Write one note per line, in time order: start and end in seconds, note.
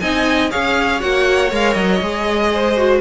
0.00 0.52 C4
0.00 0.50 D#4
0.00 0.51 D#5
0.00 0.50 G#5
0.50 1.02 C#4
0.50 1.00 G#4
0.50 2.51 C#5
0.50 1.01 F5
1.00 1.52 A#3
1.00 1.50 F#4
1.00 1.51 F#5
1.50 1.76 G#3
1.50 2.00 A#4
1.50 1.74 F5
1.74 2.01 F#3
1.74 2.99 D#5
2.01 3.01 G#3
2.01 2.77 G#4
2.53 3.01 C5
2.77 3.01 F#4